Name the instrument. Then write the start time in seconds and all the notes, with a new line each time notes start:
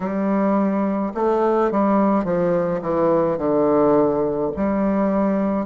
bassoon
0.00 G3
1.14 A3
1.71 G3
2.24 F3
2.81 E3
3.38 D3
4.56 G3